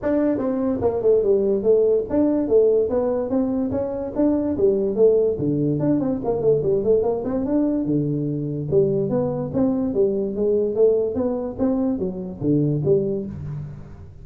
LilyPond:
\new Staff \with { instrumentName = "tuba" } { \time 4/4 \tempo 4 = 145 d'4 c'4 ais8 a8 g4 | a4 d'4 a4 b4 | c'4 cis'4 d'4 g4 | a4 d4 d'8 c'8 ais8 a8 |
g8 a8 ais8 c'8 d'4 d4~ | d4 g4 b4 c'4 | g4 gis4 a4 b4 | c'4 fis4 d4 g4 | }